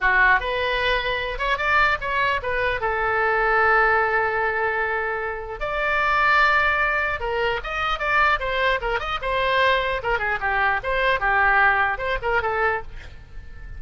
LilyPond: \new Staff \with { instrumentName = "oboe" } { \time 4/4 \tempo 4 = 150 fis'4 b'2~ b'8 cis''8 | d''4 cis''4 b'4 a'4~ | a'1~ | a'2 d''2~ |
d''2 ais'4 dis''4 | d''4 c''4 ais'8 dis''8 c''4~ | c''4 ais'8 gis'8 g'4 c''4 | g'2 c''8 ais'8 a'4 | }